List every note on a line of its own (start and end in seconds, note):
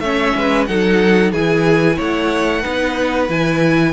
0.00 0.33 A3
0.00 0.68 C#4
0.00 0.37 C#5
0.00 0.65 E5
0.36 0.69 G#3
0.36 0.69 B4
0.67 1.33 F#3
0.67 1.34 D#4
0.67 1.32 A4
0.67 1.32 F#5
1.32 1.98 E3
1.32 2.63 E4
1.32 1.96 G#4
1.32 1.99 G#5
1.96 2.65 A3
1.96 2.62 C#5
1.96 3.31 F#5
2.62 3.29 B3
2.62 3.29 D#4
2.62 3.92 B4
3.29 3.93 E3
3.29 3.93 E4
3.29 3.93 G#5